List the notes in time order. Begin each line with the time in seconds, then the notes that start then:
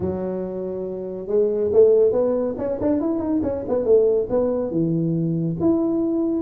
0.00 F#3
1.27 G#3
1.72 A3
2.12 B3
2.58 C#4
2.81 D4
3.00 E4
3.19 D#4
3.42 C#4
3.68 B3
3.84 A3
4.29 B3
4.70 E3
5.60 E4